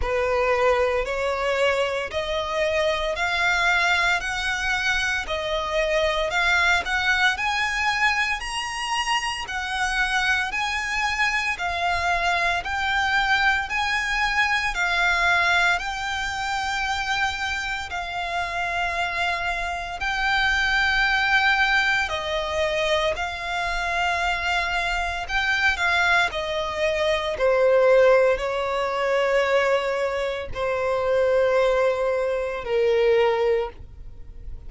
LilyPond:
\new Staff \with { instrumentName = "violin" } { \time 4/4 \tempo 4 = 57 b'4 cis''4 dis''4 f''4 | fis''4 dis''4 f''8 fis''8 gis''4 | ais''4 fis''4 gis''4 f''4 | g''4 gis''4 f''4 g''4~ |
g''4 f''2 g''4~ | g''4 dis''4 f''2 | g''8 f''8 dis''4 c''4 cis''4~ | cis''4 c''2 ais'4 | }